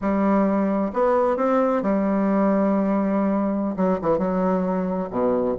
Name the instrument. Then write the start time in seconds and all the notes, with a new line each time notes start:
bassoon
0.01 G3
0.93 B3
1.36 C4
1.82 G3
3.76 F#3
4.01 E3
4.18 F#3
5.10 B2